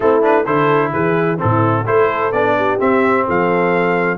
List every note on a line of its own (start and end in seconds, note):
0.00 0.46 A3
0.00 0.21 C4
0.00 0.45 E4
0.00 0.23 A4
0.21 0.44 D4
0.21 0.45 B4
0.45 0.92 D3
0.45 1.37 E4
0.45 0.92 A4
0.45 0.92 C5
0.92 1.40 E3
0.92 1.39 G#4
0.92 1.39 B4
1.37 1.85 A2
1.37 1.84 C4
1.37 1.87 E4
1.37 1.86 A4
1.85 2.32 A3
1.85 2.32 E4
1.85 2.56 A4
1.85 2.32 C5
2.32 2.78 B3
2.32 2.79 D4
2.32 2.78 D5
2.56 3.25 G4
2.79 4.18 C4
2.79 3.26 C4
2.79 3.26 E5
3.25 4.18 F3
3.25 4.18 A4
3.25 4.18 F5